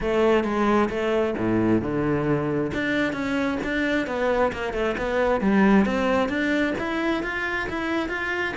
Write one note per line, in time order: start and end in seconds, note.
0.01 0.44 A3
0.44 0.89 G#3
0.89 1.34 A3
1.37 1.81 A2
1.81 2.71 D3
2.73 3.13 D4
3.13 3.58 C#4
3.63 4.06 D4
4.06 4.51 B3
4.52 4.73 A#3
4.73 4.95 A3
4.97 5.40 B3
5.40 5.85 G3
5.85 6.28 C4
6.28 6.73 D4
6.78 7.23 E4
7.23 7.68 F4
7.69 8.09 E4
8.09 8.54 F4